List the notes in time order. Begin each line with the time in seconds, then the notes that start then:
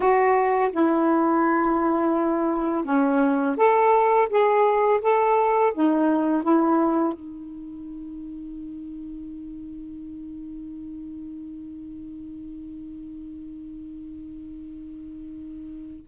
0.00 F#4
0.71 E4
2.84 C#4
3.56 A4
4.29 G#4
5.01 A4
5.73 D#4
6.43 E4
7.13 D#4